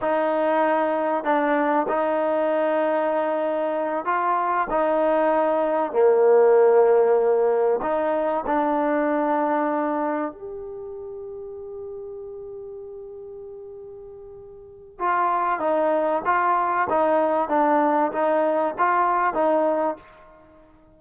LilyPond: \new Staff \with { instrumentName = "trombone" } { \time 4/4 \tempo 4 = 96 dis'2 d'4 dis'4~ | dis'2~ dis'8 f'4 dis'8~ | dis'4. ais2~ ais8~ | ais8 dis'4 d'2~ d'8~ |
d'8 g'2.~ g'8~ | g'1 | f'4 dis'4 f'4 dis'4 | d'4 dis'4 f'4 dis'4 | }